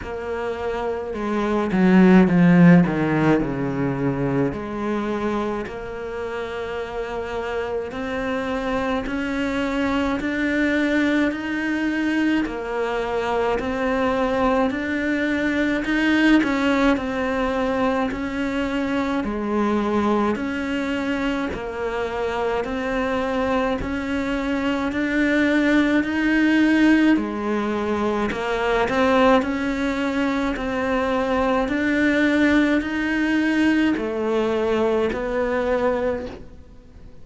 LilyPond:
\new Staff \with { instrumentName = "cello" } { \time 4/4 \tempo 4 = 53 ais4 gis8 fis8 f8 dis8 cis4 | gis4 ais2 c'4 | cis'4 d'4 dis'4 ais4 | c'4 d'4 dis'8 cis'8 c'4 |
cis'4 gis4 cis'4 ais4 | c'4 cis'4 d'4 dis'4 | gis4 ais8 c'8 cis'4 c'4 | d'4 dis'4 a4 b4 | }